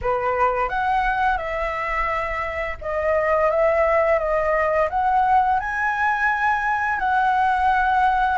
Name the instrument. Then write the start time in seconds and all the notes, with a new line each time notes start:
flute
0.01 B4
0.68 F#5
1.37 E5
2.81 D#5
3.50 E5
4.19 D#5
4.89 F#5
5.59 G#5
6.99 F#5